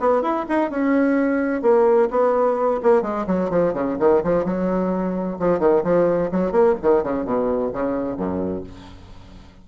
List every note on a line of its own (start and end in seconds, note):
0.00 0.22 B3
0.22 0.45 E4
0.49 0.70 D#4
0.70 1.62 C#4
1.62 2.09 A#3
2.11 2.81 B3
2.83 3.02 A#3
3.02 3.25 G#3
3.27 3.50 F#3
3.50 3.74 F3
3.74 3.97 C#3
3.99 4.23 D#3
4.24 4.44 F3
4.44 5.38 F#3
5.39 5.59 F3
5.59 5.83 D#3
5.84 6.30 F3
6.32 6.52 F#3
6.52 6.75 A#3
6.82 7.03 D#3
7.03 7.25 C#3
7.25 7.72 B2
7.73 8.17 C#3
8.17 8.64 F#2